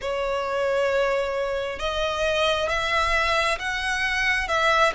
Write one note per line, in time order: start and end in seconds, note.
0.01 1.79 C#5
1.79 2.68 D#5
2.69 3.58 E5
3.58 4.48 F#5
4.48 4.93 E5